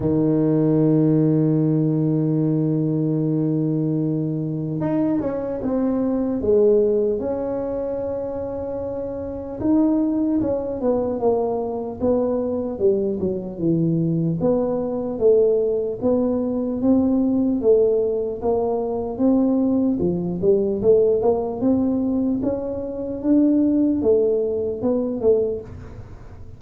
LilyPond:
\new Staff \with { instrumentName = "tuba" } { \time 4/4 \tempo 4 = 75 dis1~ | dis2 dis'8 cis'8 c'4 | gis4 cis'2. | dis'4 cis'8 b8 ais4 b4 |
g8 fis8 e4 b4 a4 | b4 c'4 a4 ais4 | c'4 f8 g8 a8 ais8 c'4 | cis'4 d'4 a4 b8 a8 | }